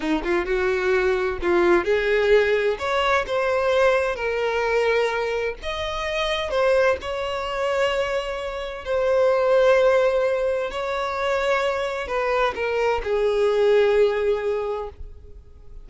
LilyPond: \new Staff \with { instrumentName = "violin" } { \time 4/4 \tempo 4 = 129 dis'8 f'8 fis'2 f'4 | gis'2 cis''4 c''4~ | c''4 ais'2. | dis''2 c''4 cis''4~ |
cis''2. c''4~ | c''2. cis''4~ | cis''2 b'4 ais'4 | gis'1 | }